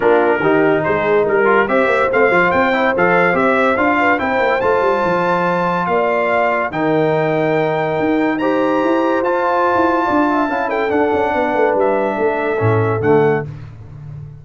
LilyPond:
<<
  \new Staff \with { instrumentName = "trumpet" } { \time 4/4 \tempo 4 = 143 ais'2 c''4 ais'4 | e''4 f''4 g''4 f''4 | e''4 f''4 g''4 a''4~ | a''2 f''2 |
g''1 | ais''2 a''2~ | a''4. g''8 fis''2 | e''2. fis''4 | }
  \new Staff \with { instrumentName = "horn" } { \time 4/4 f'4 g'4 gis'4 ais'4 | c''1~ | c''4. b'8 c''2~ | c''2 d''2 |
ais'1 | c''1 | d''8 e''8 f''8 a'4. b'4~ | b'4 a'2. | }
  \new Staff \with { instrumentName = "trombone" } { \time 4/4 d'4 dis'2~ dis'8 f'8 | g'4 c'8 f'4 e'8 a'4 | g'4 f'4 e'4 f'4~ | f'1 |
dis'1 | g'2 f'2~ | f'4 e'4 d'2~ | d'2 cis'4 a4 | }
  \new Staff \with { instrumentName = "tuba" } { \time 4/4 ais4 dis4 gis4 g4 | c'8 ais8 a8 f8 c'4 f4 | c'4 d'4 c'8 ais8 a8 g8 | f2 ais2 |
dis2. dis'4~ | dis'4 e'4 f'4~ f'16 e'8. | d'4 cis'4 d'8 cis'8 b8 a8 | g4 a4 a,4 d4 | }
>>